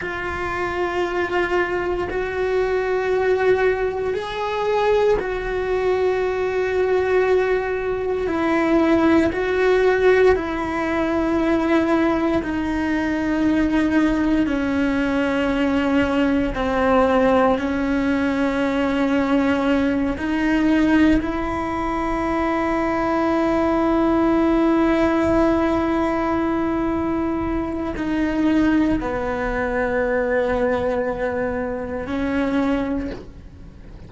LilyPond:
\new Staff \with { instrumentName = "cello" } { \time 4/4 \tempo 4 = 58 f'2 fis'2 | gis'4 fis'2. | e'4 fis'4 e'2 | dis'2 cis'2 |
c'4 cis'2~ cis'8 dis'8~ | dis'8 e'2.~ e'8~ | e'2. dis'4 | b2. cis'4 | }